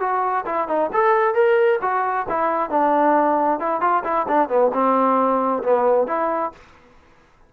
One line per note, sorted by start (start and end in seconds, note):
0.00 0.45 F#4
0.46 0.68 E4
0.68 0.91 D#4
0.93 1.34 A4
1.34 1.79 A#4
1.82 2.27 F#4
2.29 2.70 E4
2.70 3.59 D4
3.59 3.81 E4
3.81 4.03 F4
4.04 4.27 E4
4.28 4.49 D4
4.49 4.71 B3
4.73 5.63 C4
5.63 6.08 B3
6.08 6.52 E4